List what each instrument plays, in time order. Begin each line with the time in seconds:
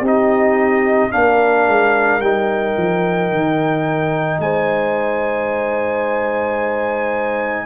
0.00 tuba C4, trombone D#4, horn G4
0.07 trumpet D#5
1.11 tuba A#3, trombone D4, horn A#4, trumpet F5
1.68 tuba G#3
2.20 tuba G3, trombone D#4, trumpet G5
2.77 tuba F3
3.32 tuba D#3
4.39 tuba G#3, horn C5, trumpet G#5